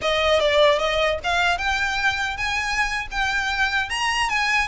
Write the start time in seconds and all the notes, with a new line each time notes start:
0.01 D#5
0.39 D5
0.78 D#5
1.23 F5
1.57 G5
2.37 G#5
3.11 G5
3.89 A#5
4.29 G#5